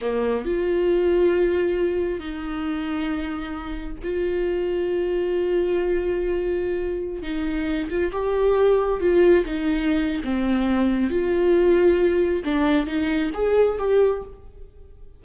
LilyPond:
\new Staff \with { instrumentName = "viola" } { \time 4/4 \tempo 4 = 135 ais4 f'2.~ | f'4 dis'2.~ | dis'4 f'2.~ | f'1~ |
f'16 dis'4. f'8 g'4.~ g'16~ | g'16 f'4 dis'4.~ dis'16 c'4~ | c'4 f'2. | d'4 dis'4 gis'4 g'4 | }